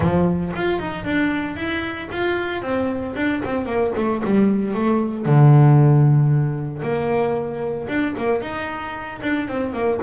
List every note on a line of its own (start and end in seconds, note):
0.00 0.52 F3
0.55 0.79 F4
0.79 1.04 D#4
1.04 1.56 D4
1.56 2.08 E4
2.11 2.62 F4
2.62 3.14 C4
3.15 3.41 D4
3.44 3.65 C4
3.65 3.92 A#3
3.96 4.22 A3
4.24 4.74 G3
4.74 5.25 A3
5.25 6.82 D3
6.82 7.87 A#3
7.88 8.14 D4
8.17 8.41 A#3
8.41 9.20 D#4
9.22 9.48 D4
9.48 9.72 C4
9.72 9.99 A#3